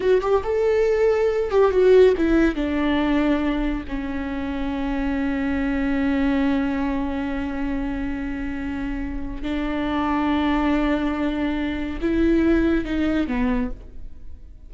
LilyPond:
\new Staff \with { instrumentName = "viola" } { \time 4/4 \tempo 4 = 140 fis'8 g'8 a'2~ a'8 g'8 | fis'4 e'4 d'2~ | d'4 cis'2.~ | cis'1~ |
cis'1~ | cis'2 d'2~ | d'1 | e'2 dis'4 b4 | }